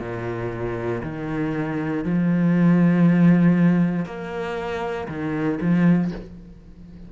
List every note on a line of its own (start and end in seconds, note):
0.00 1.02 A#2
1.03 2.04 D#3
2.04 4.06 F3
4.06 5.08 A#3
5.08 5.59 D#3
5.61 6.12 F3